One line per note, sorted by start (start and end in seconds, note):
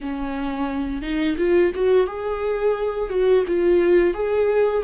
0.01 1.02 C#4
1.02 1.36 D#4
1.37 1.71 F4
1.74 2.06 F#4
2.06 3.09 G#4
3.09 3.44 F#4
3.47 4.13 F4
4.13 4.82 G#4